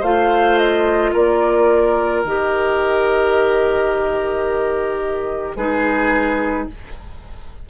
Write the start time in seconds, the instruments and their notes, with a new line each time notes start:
0.00 bassoon A3, clarinet F4, oboe C5, flute F5
0.58 flute D#5
1.13 bassoon A#3, oboe A#4, flute D5
2.23 bassoon D#3, clarinet G4, flute D#5
5.56 bassoon G#3, clarinet D#4, oboe G#4, flute B4